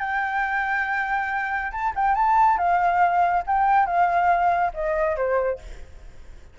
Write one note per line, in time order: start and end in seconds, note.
0.00 1.71 G5
1.72 1.94 A5
1.96 2.15 G5
2.15 2.58 A5
2.58 3.44 F5
3.47 3.86 G5
3.86 4.72 F5
4.74 5.16 D#5
5.16 5.59 C5